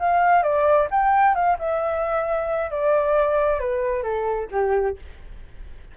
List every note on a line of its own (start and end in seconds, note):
0.00 0.43 F5
0.43 0.88 D5
0.91 1.35 G5
1.35 1.58 F5
1.59 2.71 E5
2.71 3.60 D5
3.60 4.03 B4
4.03 4.48 A4
4.52 4.97 G4